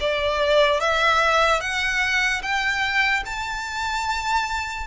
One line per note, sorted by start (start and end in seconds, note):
0.00 0.80 D5
0.80 1.60 E5
1.60 2.41 F#5
2.42 3.23 G5
3.25 4.86 A5